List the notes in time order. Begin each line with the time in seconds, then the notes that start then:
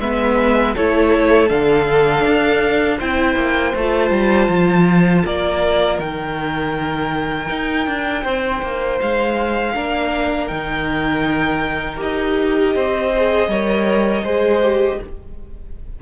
0.00 G#3 B3 B4 E5
0.75 A3 E4 A4 C#5
1.49 D3 D4 F5
2.26 D4
2.98 C4 E4 C5 G5
3.36 A#3
3.75 A3 F4 A5
4.11 G3
4.49 F3
5.24 A#3 A#4 D5
5.99 D#3 D#4 G5
7.50 D#4
7.87 D4
8.23 C4 C5
8.63 A#3
9.01 G#3 F5
9.75 A#3 D4 A#4
10.48 D#3 D#4 G5
11.97 D#4 G4 D#5
12.75 C4 C5
13.16 G#4
13.48 G3 A#4 C#5
14.24 G#3 G#4 C5
14.63 G4